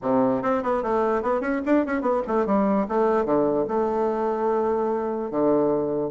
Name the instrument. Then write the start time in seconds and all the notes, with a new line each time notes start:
bassoon
0.01 C3
0.42 C4
0.62 B3
0.82 A3
1.22 B3
1.40 C#4
1.65 D4
1.86 C#4
2.01 B3
2.27 A3
2.46 G3
2.88 A3
3.25 D3
3.68 A3
5.30 D3